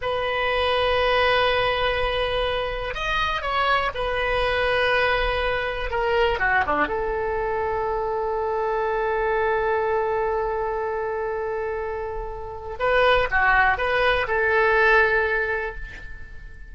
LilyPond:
\new Staff \with { instrumentName = "oboe" } { \time 4/4 \tempo 4 = 122 b'1~ | b'2 dis''4 cis''4 | b'1 | ais'4 fis'8 d'8 a'2~ |
a'1~ | a'1~ | a'2 b'4 fis'4 | b'4 a'2. | }